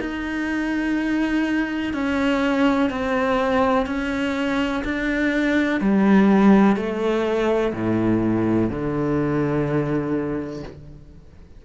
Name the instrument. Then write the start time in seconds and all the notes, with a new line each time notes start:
cello
0.00 D#4
1.93 C#4
2.90 C4
3.86 C#4
4.84 D4
5.80 G3
6.76 A3
7.73 A2
8.70 D3